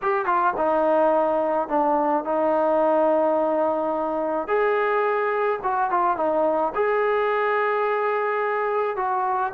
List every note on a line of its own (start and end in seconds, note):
0.02 0.25 G4
0.25 0.53 F4
0.56 1.68 D#4
1.68 2.24 D4
2.24 4.47 D#4
4.47 5.59 G#4
5.63 5.90 F#4
5.90 6.16 F4
6.16 6.72 D#4
6.74 8.96 G#4
8.96 9.52 F#4